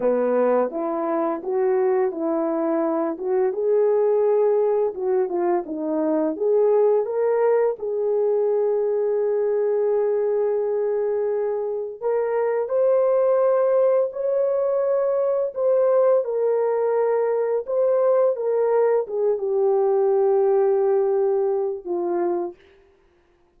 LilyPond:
\new Staff \with { instrumentName = "horn" } { \time 4/4 \tempo 4 = 85 b4 e'4 fis'4 e'4~ | e'8 fis'8 gis'2 fis'8 f'8 | dis'4 gis'4 ais'4 gis'4~ | gis'1~ |
gis'4 ais'4 c''2 | cis''2 c''4 ais'4~ | ais'4 c''4 ais'4 gis'8 g'8~ | g'2. f'4 | }